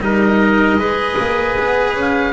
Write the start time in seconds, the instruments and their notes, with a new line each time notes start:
0.00 double bass G3, cello D#4, trumpet A#4, oboe D#5
0.77 double bass G#3, cello G#4, trumpet B4
1.19 double bass A#3
1.58 double bass B3
1.95 double bass C#4, oboe F5